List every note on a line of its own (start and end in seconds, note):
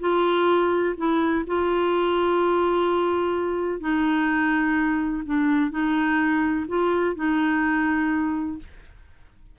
0.00 0.95 F4
0.98 1.45 E4
1.47 3.81 F4
3.81 5.24 D#4
5.25 5.71 D4
5.71 6.66 D#4
6.68 7.16 F4
7.16 8.59 D#4